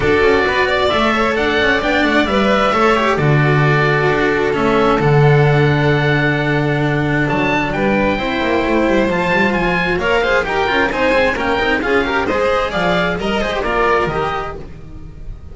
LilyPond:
<<
  \new Staff \with { instrumentName = "oboe" } { \time 4/4 \tempo 4 = 132 d''2 e''4 fis''4 | g''8 fis''8 e''2 d''4~ | d''2 e''4 fis''4~ | fis''1 |
a''4 g''2. | a''4 gis''4 f''4 g''4 | gis''4 g''4 f''4 dis''4 | f''4 ais'8 c''8 d''4 dis''4 | }
  \new Staff \with { instrumentName = "violin" } { \time 4/4 a'4 b'8 d''4 cis''8 d''4~ | d''2 cis''4 a'4~ | a'1~ | a'1~ |
a'4 b'4 c''2~ | c''2 cis''8 c''8 ais'4 | c''4 ais'4 gis'8 ais'8 c''4 | d''4 dis''4 ais'2 | }
  \new Staff \with { instrumentName = "cello" } { \time 4/4 fis'2 a'2 | d'4 b'4 a'8 g'8 fis'4~ | fis'2 cis'4 d'4~ | d'1~ |
d'2 e'2 | f'2 ais'8 gis'8 g'8 f'8 | dis'8 c'8 cis'8 dis'8 f'8 g'8 gis'4~ | gis'4 ais'8 gis'16 g'16 f'4 g'4 | }
  \new Staff \with { instrumentName = "double bass" } { \time 4/4 d'8 cis'8 b4 a4 d'8 cis'8 | b8 a8 g4 a4 d4~ | d4 d'4 a4 d4~ | d1 |
fis4 g4 c'8 ais8 a8 g8 | f8 g8 f4 ais4 dis'8 cis'8 | c'8 gis8 ais8 c'8 cis'4 gis4 | f4 g8 gis8 ais4 dis4 | }
>>